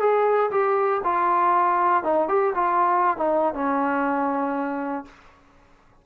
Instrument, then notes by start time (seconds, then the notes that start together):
trombone
0.00 G#4
0.50 G4
1.04 F4
2.03 D#4
2.28 G4
2.55 F4
3.17 D#4
3.54 C#4